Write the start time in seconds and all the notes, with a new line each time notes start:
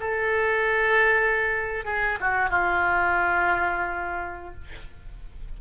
0.00 A4
1.85 G#4
2.20 F#4
2.49 F4